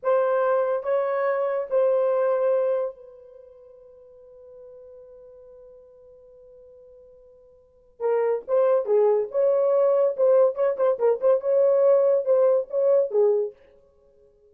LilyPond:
\new Staff \with { instrumentName = "horn" } { \time 4/4 \tempo 4 = 142 c''2 cis''2 | c''2. b'4~ | b'1~ | b'1~ |
b'2. ais'4 | c''4 gis'4 cis''2 | c''4 cis''8 c''8 ais'8 c''8 cis''4~ | cis''4 c''4 cis''4 gis'4 | }